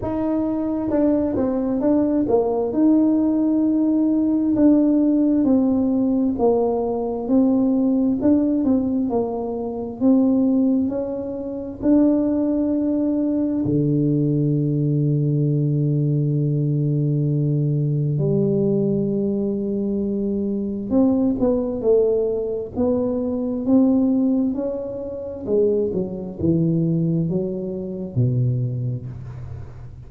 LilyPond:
\new Staff \with { instrumentName = "tuba" } { \time 4/4 \tempo 4 = 66 dis'4 d'8 c'8 d'8 ais8 dis'4~ | dis'4 d'4 c'4 ais4 | c'4 d'8 c'8 ais4 c'4 | cis'4 d'2 d4~ |
d1 | g2. c'8 b8 | a4 b4 c'4 cis'4 | gis8 fis8 e4 fis4 b,4 | }